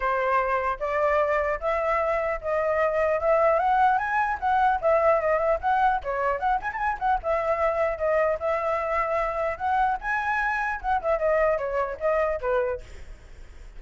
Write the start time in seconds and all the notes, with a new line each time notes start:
0.00 C5
0.79 D5
1.60 E5
2.41 D#5
3.20 E5
3.59 F#5
3.98 G#5
4.39 F#5
4.81 E5
5.21 D#5
5.39 E5
5.61 F#5
6.03 C#5
6.39 F#5
6.61 G#5
6.73 G#5 A5
6.99 F#5
7.22 E5
7.98 D#5
8.39 E5
9.57 F#5
10.00 G#5
10.81 F#5
11.01 E5
11.18 D#5
11.57 C#5
12.00 D#5
12.40 B4